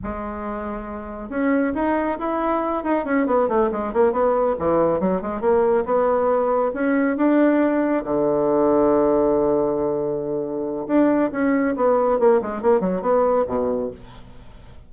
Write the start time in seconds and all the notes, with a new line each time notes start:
0.03 G#3
1.29 C#4
1.74 D#4
2.19 E4
2.83 D#4
3.04 C#4
3.26 B3
3.48 A3
3.71 G#3
3.93 A#3
4.12 B3
4.58 E3
4.99 F#3
5.21 G#3
5.41 A#3
5.85 B3
6.73 C#4
7.16 D4
8.04 D3
10.87 D4
11.31 C#4
11.75 B3
12.19 A#3
12.41 G#3
12.61 A#3
12.80 F#3
13.01 B3
13.47 B2